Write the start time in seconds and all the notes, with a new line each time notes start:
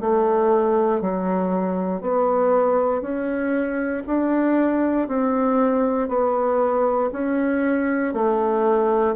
0.00 A3
1.01 F#3
2.01 B3
3.01 C#4
4.06 D4
5.08 C4
6.08 B3
7.12 C#4
8.13 A3